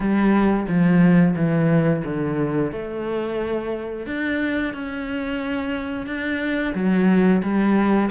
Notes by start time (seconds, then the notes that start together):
0.00 G3
0.67 F3
1.35 E3
2.04 D3
2.72 A3
4.06 D4
4.73 C#4
6.06 D4
6.74 F#3
7.42 G3